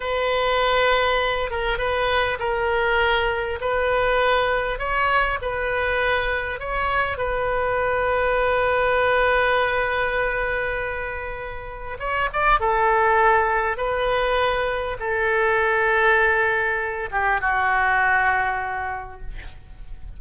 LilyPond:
\new Staff \with { instrumentName = "oboe" } { \time 4/4 \tempo 4 = 100 b'2~ b'8 ais'8 b'4 | ais'2 b'2 | cis''4 b'2 cis''4 | b'1~ |
b'1 | cis''8 d''8 a'2 b'4~ | b'4 a'2.~ | a'8 g'8 fis'2. | }